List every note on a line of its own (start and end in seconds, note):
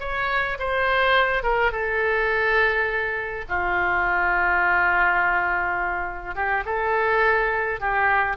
0.00 0.58 C#5
0.59 1.43 C5
1.43 1.72 A#4
1.72 3.45 A4
3.49 6.35 F4
6.35 6.64 G4
6.65 7.80 A4
7.80 8.37 G4